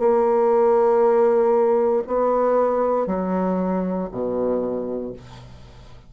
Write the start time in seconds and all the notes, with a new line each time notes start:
0.00 A#3
2.08 B3
3.07 F#3
4.12 B2